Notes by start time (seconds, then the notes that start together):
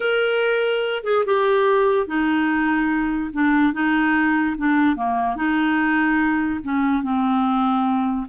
0.00 A#4
1.03 G#4
1.25 G4
2.06 D#4
3.33 D4
3.73 D#4
4.57 D4
4.96 A#3
5.35 D#4
6.63 C#4
7.03 C4